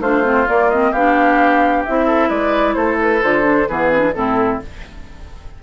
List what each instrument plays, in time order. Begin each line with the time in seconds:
0.00 bassoon A3, clarinet D4, oboe F4, flute C5
0.24 clarinet C4
0.47 clarinet A#3, bassoon A#3, flute D5
0.70 clarinet C4, flute D#5
0.91 bassoon B3, clarinet D4, oboe G4, flute F5
1.85 bassoon C4, clarinet E4, flute E5
2.06 oboe A4
2.28 bassoon G#3, oboe B4, flute D5
2.74 bassoon A3, oboe A4, flute C5
3.01 flute B4
3.22 bassoon D3, clarinet F4, flute C5
3.43 clarinet D4
3.68 bassoon E3, clarinet B3, oboe G#4, flute B4
3.92 clarinet C4
3.99 clarinet D4
4.14 bassoon A2, clarinet C4, oboe E4, flute A4